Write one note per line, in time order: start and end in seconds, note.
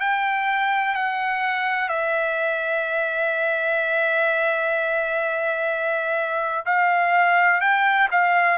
0.00 0.95 G5
0.95 1.89 F#5
1.89 6.65 E5
6.66 7.61 F5
7.61 8.08 G5
8.11 8.58 F5